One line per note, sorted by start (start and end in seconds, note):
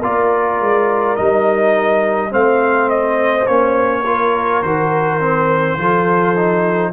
0.00 0.61 A#3
0.00 1.18 F4
0.00 2.31 A#4
0.00 1.16 D5
0.61 1.18 G#3
1.16 2.33 G3
1.16 2.31 D#4
1.16 2.31 D#5
2.31 3.48 A3
2.31 3.46 C4
2.31 4.05 C5
2.31 2.90 F5
2.90 3.47 D#5
3.47 4.62 A#3
3.47 4.05 C#4
3.47 4.62 C#5
4.06 4.64 F4
4.06 5.80 A#4
4.62 5.78 D#3
4.62 5.20 F#4
4.62 6.93 C5
5.20 5.78 C4
5.78 6.93 F3
5.78 6.36 F4
5.78 6.93 A4
6.36 6.93 D#4